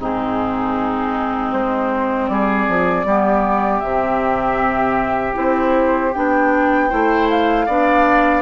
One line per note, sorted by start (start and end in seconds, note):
0.00 1.54 G#2
0.00 3.07 C4
0.00 2.31 D#4
0.00 1.52 G#4
1.52 2.29 G#3
1.52 2.28 C5
2.28 2.68 G3
2.28 3.07 G#4
2.28 3.80 D5
2.68 3.05 F3
3.05 3.82 G3
3.05 3.83 B3
3.05 6.89 G4
3.80 5.37 C3
3.80 5.34 C4
3.80 5.34 E5
5.34 6.14 C4
5.34 6.11 E4
5.34 6.14 C5
6.14 6.93 B3
6.14 6.90 D4
6.14 7.29 G5
6.89 7.68 A3
6.89 7.67 E4
6.89 7.66 C5
7.30 8.42 F5
7.67 8.42 B3
7.67 8.42 D4
7.67 8.42 D5